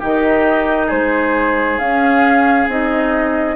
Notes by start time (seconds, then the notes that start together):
0.00 D#3 D#4 G4 D#5
0.87 G#3 G#4 C5
1.79 C#4 F5
2.68 C4 D#4 D#5